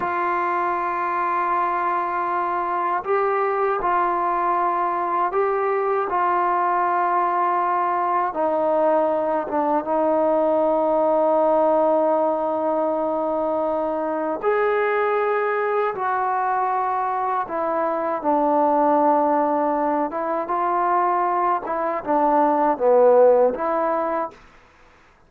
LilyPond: \new Staff \with { instrumentName = "trombone" } { \time 4/4 \tempo 4 = 79 f'1 | g'4 f'2 g'4 | f'2. dis'4~ | dis'8 d'8 dis'2.~ |
dis'2. gis'4~ | gis'4 fis'2 e'4 | d'2~ d'8 e'8 f'4~ | f'8 e'8 d'4 b4 e'4 | }